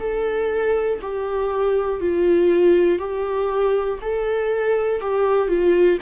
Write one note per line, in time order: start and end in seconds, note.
0.00 1.00 A4
1.01 2.00 G4
2.00 2.99 F4
2.99 3.99 G4
4.02 5.00 A4
5.00 5.48 G4
5.48 5.98 F4